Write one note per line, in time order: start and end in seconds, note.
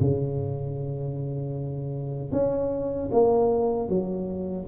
0.00 2.32 C#3
2.32 3.10 C#4
3.11 3.89 A#3
3.89 4.67 F#3